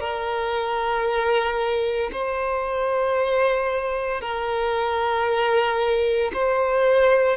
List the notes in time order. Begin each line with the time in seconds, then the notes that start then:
0.00 A#4
2.12 C5
4.21 A#4
6.33 C5